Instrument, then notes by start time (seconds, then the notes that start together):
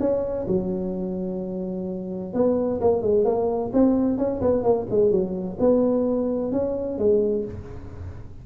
tuba
0.00 C#4
0.48 F#3
2.34 B3
2.81 A#3
3.02 G#3
3.25 A#3
3.73 C4
4.18 C#4
4.41 B3
4.64 A#3
4.91 G#3
5.11 F#3
5.60 B3
6.52 C#4
6.99 G#3